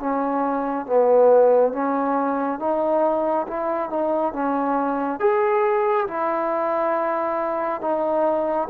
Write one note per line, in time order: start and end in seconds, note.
0.00 0.86 C#4
0.86 1.73 B3
1.73 2.60 C#4
2.60 3.47 D#4
3.47 3.90 E4
3.90 4.33 D#4
4.33 5.20 C#4
5.20 6.07 G#4
6.08 7.81 E4
7.81 8.68 D#4